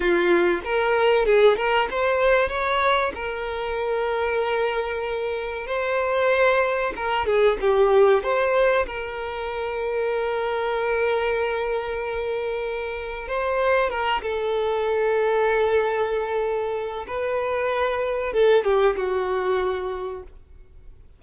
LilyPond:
\new Staff \with { instrumentName = "violin" } { \time 4/4 \tempo 4 = 95 f'4 ais'4 gis'8 ais'8 c''4 | cis''4 ais'2.~ | ais'4 c''2 ais'8 gis'8 | g'4 c''4 ais'2~ |
ais'1~ | ais'4 c''4 ais'8 a'4.~ | a'2. b'4~ | b'4 a'8 g'8 fis'2 | }